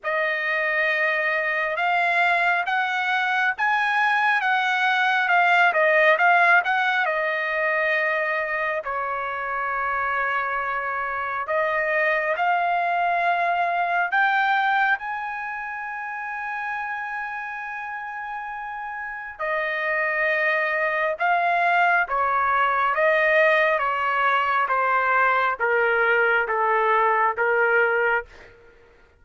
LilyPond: \new Staff \with { instrumentName = "trumpet" } { \time 4/4 \tempo 4 = 68 dis''2 f''4 fis''4 | gis''4 fis''4 f''8 dis''8 f''8 fis''8 | dis''2 cis''2~ | cis''4 dis''4 f''2 |
g''4 gis''2.~ | gis''2 dis''2 | f''4 cis''4 dis''4 cis''4 | c''4 ais'4 a'4 ais'4 | }